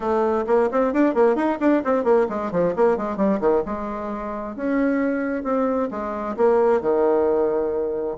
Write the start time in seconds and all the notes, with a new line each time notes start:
0.00 A3
0.47 A#3
0.71 C4
0.93 D4
1.14 A#3
1.35 D#4
1.60 D4
1.84 C4
2.04 A#3
2.29 G#3
2.51 F3
2.75 A#3
2.97 G#3
3.16 G3
3.40 D#3
3.65 G#3
4.56 C#4
5.43 C4
5.90 G#3
6.37 A#3
6.81 D#3